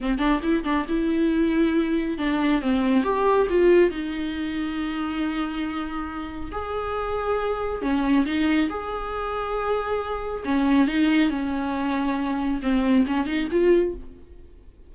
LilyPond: \new Staff \with { instrumentName = "viola" } { \time 4/4 \tempo 4 = 138 c'8 d'8 e'8 d'8 e'2~ | e'4 d'4 c'4 g'4 | f'4 dis'2.~ | dis'2. gis'4~ |
gis'2 cis'4 dis'4 | gis'1 | cis'4 dis'4 cis'2~ | cis'4 c'4 cis'8 dis'8 f'4 | }